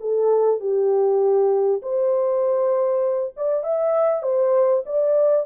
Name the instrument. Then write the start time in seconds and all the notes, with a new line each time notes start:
horn
0.00 A4
0.60 G4
1.82 C5
3.36 D5
3.63 E5
4.23 C5
4.85 D5